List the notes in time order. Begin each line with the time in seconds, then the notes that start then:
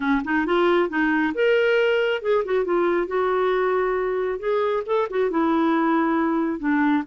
0.00 C#4
0.24 D#4
0.46 F4
0.89 D#4
1.34 A#4
2.21 G#4
2.44 F#4
2.65 F4
3.07 F#4
4.39 G#4
4.85 A4
5.10 F#4
5.30 E4
6.59 D4